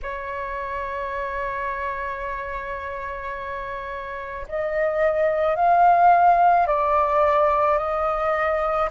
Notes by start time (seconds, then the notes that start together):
0.02 C#5
4.48 D#5
5.56 F5
6.67 D5
7.78 D#5